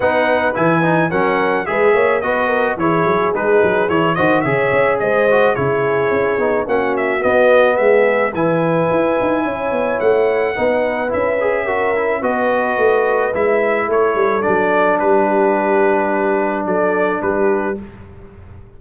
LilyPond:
<<
  \new Staff \with { instrumentName = "trumpet" } { \time 4/4 \tempo 4 = 108 fis''4 gis''4 fis''4 e''4 | dis''4 cis''4 b'4 cis''8 dis''8 | e''4 dis''4 cis''2 | fis''8 e''8 dis''4 e''4 gis''4~ |
gis''2 fis''2 | e''2 dis''2 | e''4 cis''4 d''4 b'4~ | b'2 d''4 b'4 | }
  \new Staff \with { instrumentName = "horn" } { \time 4/4 b'2 ais'4 b'8 cis''8 | b'8 ais'8 gis'2~ gis'8 c''8 | cis''4 c''4 gis'2 | fis'2 gis'4 b'4~ |
b'4 cis''2 b'4~ | b'4 ais'4 b'2~ | b'4 a'2 g'4~ | g'2 a'4 g'4 | }
  \new Staff \with { instrumentName = "trombone" } { \time 4/4 dis'4 e'8 dis'8 cis'4 gis'4 | fis'4 e'4 dis'4 e'8 fis'8 | gis'4. fis'8 e'4. dis'8 | cis'4 b2 e'4~ |
e'2. dis'4 | e'8 gis'8 fis'8 e'8 fis'2 | e'2 d'2~ | d'1 | }
  \new Staff \with { instrumentName = "tuba" } { \time 4/4 b4 e4 fis4 gis8 ais8 | b4 e8 fis8 gis8 fis8 e8 dis8 | cis8 cis'8 gis4 cis4 cis'8 b8 | ais4 b4 gis4 e4 |
e'8 dis'8 cis'8 b8 a4 b4 | cis'2 b4 a4 | gis4 a8 g8 fis4 g4~ | g2 fis4 g4 | }
>>